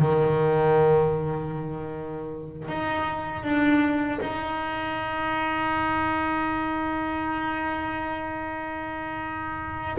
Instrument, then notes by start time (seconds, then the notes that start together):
double bass
0.00 D#3
2.69 D#4
3.44 D4
4.21 D#4